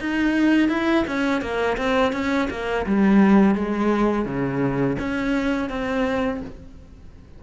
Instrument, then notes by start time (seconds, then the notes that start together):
cello
0.00 D#4
0.69 E4
1.07 C#4
1.42 A#3
1.78 C4
2.13 C#4
2.50 A#3
2.86 G3
3.55 G#3
4.26 C#3
4.99 C#4
5.70 C4